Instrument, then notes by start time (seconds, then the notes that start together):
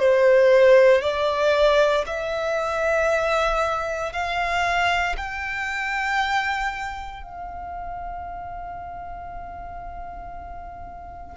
violin
0.00 C5
1.02 D5
2.07 E5
4.13 F5
5.17 G5
7.24 F5